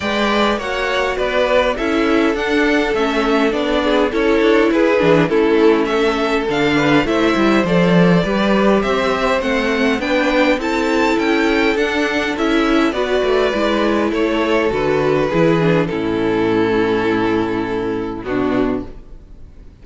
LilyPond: <<
  \new Staff \with { instrumentName = "violin" } { \time 4/4 \tempo 4 = 102 g''4 fis''4 d''4 e''4 | fis''4 e''4 d''4 cis''4 | b'4 a'4 e''4 f''4 | e''4 d''2 e''4 |
fis''4 g''4 a''4 g''4 | fis''4 e''4 d''2 | cis''4 b'2 a'4~ | a'2. fis'4 | }
  \new Staff \with { instrumentName = "violin" } { \time 4/4 d''4 cis''4 b'4 a'4~ | a'2~ a'8 gis'8 a'4 | gis'4 e'4 a'4. b'8 | c''2 b'4 c''4~ |
c''4 b'4 a'2~ | a'2 b'2 | a'2 gis'4 e'4~ | e'2. d'4 | }
  \new Staff \with { instrumentName = "viola" } { \time 4/4 b'4 fis'2 e'4 | d'4 cis'4 d'4 e'4~ | e'8 d'8 cis'2 d'4 | e'4 a'4 g'2 |
c'4 d'4 e'2 | d'4 e'4 fis'4 e'4~ | e'4 fis'4 e'8 d'8 cis'4~ | cis'2. b4 | }
  \new Staff \with { instrumentName = "cello" } { \time 4/4 gis4 ais4 b4 cis'4 | d'4 a4 b4 cis'8 d'8 | e'8 e8 a2 d4 | a8 g8 f4 g4 c'4 |
a4 b4 c'4 cis'4 | d'4 cis'4 b8 a8 gis4 | a4 d4 e4 a,4~ | a,2. b,4 | }
>>